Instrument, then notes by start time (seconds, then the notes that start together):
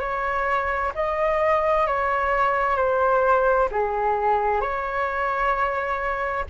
flute
0.00 C#5
0.94 D#5
1.87 C#5
2.76 C5
3.71 G#4
4.61 C#5